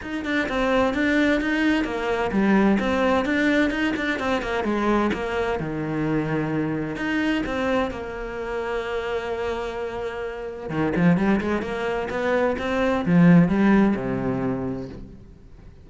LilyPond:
\new Staff \with { instrumentName = "cello" } { \time 4/4 \tempo 4 = 129 dis'8 d'8 c'4 d'4 dis'4 | ais4 g4 c'4 d'4 | dis'8 d'8 c'8 ais8 gis4 ais4 | dis2. dis'4 |
c'4 ais2.~ | ais2. dis8 f8 | g8 gis8 ais4 b4 c'4 | f4 g4 c2 | }